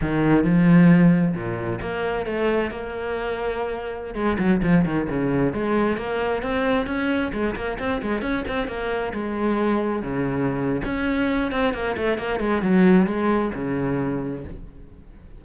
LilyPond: \new Staff \with { instrumentName = "cello" } { \time 4/4 \tempo 4 = 133 dis4 f2 ais,4 | ais4 a4 ais2~ | ais4~ ais16 gis8 fis8 f8 dis8 cis8.~ | cis16 gis4 ais4 c'4 cis'8.~ |
cis'16 gis8 ais8 c'8 gis8 cis'8 c'8 ais8.~ | ais16 gis2 cis4.~ cis16 | cis'4. c'8 ais8 a8 ais8 gis8 | fis4 gis4 cis2 | }